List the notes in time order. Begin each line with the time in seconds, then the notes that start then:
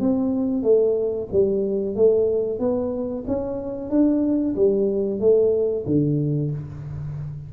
0.00 C4
0.63 A3
1.32 G3
1.96 A3
2.60 B3
3.28 C#4
3.90 D4
4.56 G3
5.20 A3
5.86 D3